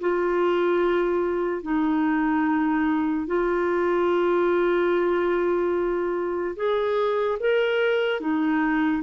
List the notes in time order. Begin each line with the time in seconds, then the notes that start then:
0.00 F4
1.62 D#4
3.27 F4
6.56 G#4
7.39 A#4
8.20 D#4